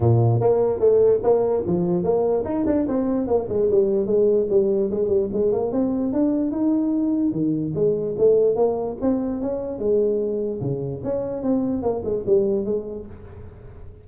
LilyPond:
\new Staff \with { instrumentName = "tuba" } { \time 4/4 \tempo 4 = 147 ais,4 ais4 a4 ais4 | f4 ais4 dis'8 d'8 c'4 | ais8 gis8 g4 gis4 g4 | gis8 g8 gis8 ais8 c'4 d'4 |
dis'2 dis4 gis4 | a4 ais4 c'4 cis'4 | gis2 cis4 cis'4 | c'4 ais8 gis8 g4 gis4 | }